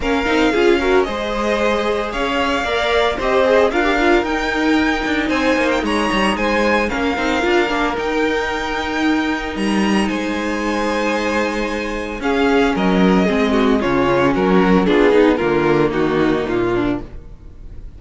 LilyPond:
<<
  \new Staff \with { instrumentName = "violin" } { \time 4/4 \tempo 4 = 113 f''2 dis''2 | f''2 dis''4 f''4 | g''2 gis''8. g''16 ais''4 | gis''4 f''2 g''4~ |
g''2 ais''4 gis''4~ | gis''2. f''4 | dis''2 cis''4 ais'4 | gis'4 ais'4 fis'4 f'4 | }
  \new Staff \with { instrumentName = "violin" } { \time 4/4 ais'4 gis'8 ais'8 c''2 | cis''4 d''4 c''4 ais'4~ | ais'2 c''4 cis''4 | c''4 ais'2.~ |
ais'2. c''4~ | c''2. gis'4 | ais'4 gis'8 fis'8 f'4 fis'4 | f'8 dis'8 f'4 dis'4. d'8 | }
  \new Staff \with { instrumentName = "viola" } { \time 4/4 cis'8 dis'8 f'8 fis'8 gis'2~ | gis'4 ais'4 g'8 gis'8 f'16 g'16 f'8 | dis'1~ | dis'4 cis'8 dis'8 f'8 d'8 dis'4~ |
dis'1~ | dis'2. cis'4~ | cis'4 c'4 cis'2 | d'8 dis'8 ais2. | }
  \new Staff \with { instrumentName = "cello" } { \time 4/4 ais8 c'8 cis'4 gis2 | cis'4 ais4 c'4 d'4 | dis'4. d'8 c'8 ais8 gis8 g8 | gis4 ais8 c'8 d'8 ais8 dis'4~ |
dis'2 g4 gis4~ | gis2. cis'4 | fis4 gis4 cis4 fis4 | b4 d4 dis4 ais,4 | }
>>